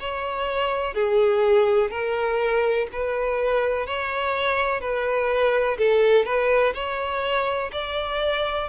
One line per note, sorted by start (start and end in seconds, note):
0.00 0.95 C#5
0.95 1.90 G#4
1.90 2.87 A#4
2.92 3.87 B4
3.87 4.80 C#5
4.80 5.77 B4
5.78 6.25 A4
6.25 6.73 B4
6.74 7.71 C#5
7.72 8.69 D5